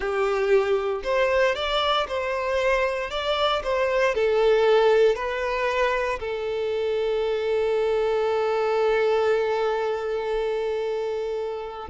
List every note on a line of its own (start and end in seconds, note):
0.00 1.01 G4
1.03 1.55 C5
1.55 2.06 D5
2.08 3.10 C5
3.10 3.62 D5
3.63 4.14 C5
4.14 5.15 A4
5.15 6.19 B4
6.19 11.88 A4